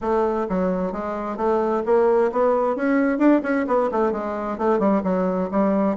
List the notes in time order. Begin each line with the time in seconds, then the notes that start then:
0.01 A3
0.49 F#3
0.92 G#3
1.37 A3
1.85 A#3
2.32 B3
2.75 C#4
3.18 D4
3.42 C#4
3.67 B3
3.91 A3
4.12 G#3
4.58 A3
4.79 G3
5.03 F#3
5.51 G3